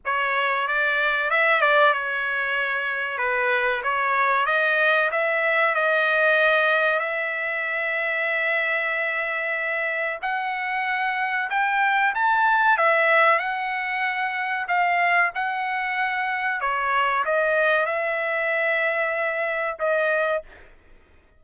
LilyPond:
\new Staff \with { instrumentName = "trumpet" } { \time 4/4 \tempo 4 = 94 cis''4 d''4 e''8 d''8 cis''4~ | cis''4 b'4 cis''4 dis''4 | e''4 dis''2 e''4~ | e''1 |
fis''2 g''4 a''4 | e''4 fis''2 f''4 | fis''2 cis''4 dis''4 | e''2. dis''4 | }